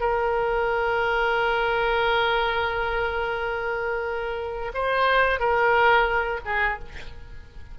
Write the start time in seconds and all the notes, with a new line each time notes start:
0.00 A#4
4.74 C5
5.39 A#4
6.45 G#4